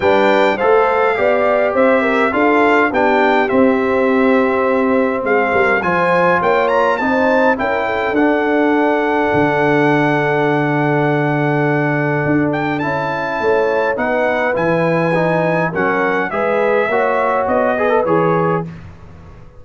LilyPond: <<
  \new Staff \with { instrumentName = "trumpet" } { \time 4/4 \tempo 4 = 103 g''4 f''2 e''4 | f''4 g''4 e''2~ | e''4 f''4 gis''4 g''8 ais''8 | a''4 g''4 fis''2~ |
fis''1~ | fis''4. g''8 a''2 | fis''4 gis''2 fis''4 | e''2 dis''4 cis''4 | }
  \new Staff \with { instrumentName = "horn" } { \time 4/4 b'4 c''4 d''4 c''8 ais'8 | a'4 g'2.~ | g'4 gis'8 ais'8 c''4 cis''4 | c''4 ais'8 a'2~ a'8~ |
a'1~ | a'2. cis''4 | b'2. ais'4 | b'4 cis''4. b'4. | }
  \new Staff \with { instrumentName = "trombone" } { \time 4/4 d'4 a'4 g'2 | f'4 d'4 c'2~ | c'2 f'2 | dis'4 e'4 d'2~ |
d'1~ | d'2 e'2 | dis'4 e'4 dis'4 cis'4 | gis'4 fis'4. gis'16 a'16 gis'4 | }
  \new Staff \with { instrumentName = "tuba" } { \time 4/4 g4 a4 b4 c'4 | d'4 b4 c'2~ | c'4 gis8 g8 f4 ais4 | c'4 cis'4 d'2 |
d1~ | d4 d'4 cis'4 a4 | b4 e2 fis4 | gis4 ais4 b4 e4 | }
>>